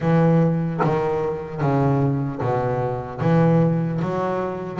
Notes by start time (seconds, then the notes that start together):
0.00 E3
0.83 D#3
1.61 C#3
2.41 B2
3.20 E3
4.01 F#3